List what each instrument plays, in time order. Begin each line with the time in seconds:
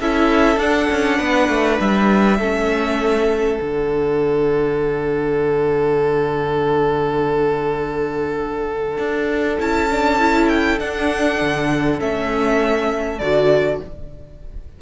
0.00 cello C#4, viola E4, violin A4 E5
0.57 cello D4, viola D4, violin F#5
0.91 cello C#4
1.18 cello B3, violin B4
1.49 cello A3
1.80 cello G3, violin E5
2.39 cello A3, viola C#4, violin A4
3.60 cello D3, viola D4, violin F#5
8.98 cello D4
9.59 cello C#4, viola E4, violin A5
9.91 viola D4
10.19 viola E4
10.49 violin G5
10.79 viola D4, cello D4, violin F#5
11.41 cello D3
11.99 cello A3, viola C#4, violin E5
13.19 cello D3, viola F#4, violin D5